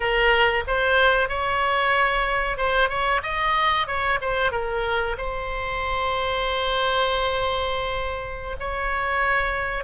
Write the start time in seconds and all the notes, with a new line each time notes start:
0.00 A#4
0.67 C5
1.28 C#5
2.57 C5
2.89 C#5
3.22 D#5
3.87 C#5
4.21 C5
4.51 A#4
5.17 C5
8.59 C#5